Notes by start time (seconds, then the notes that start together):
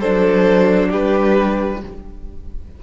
0.00 F#3 D4 A4 C5
0.90 G3 G4 B4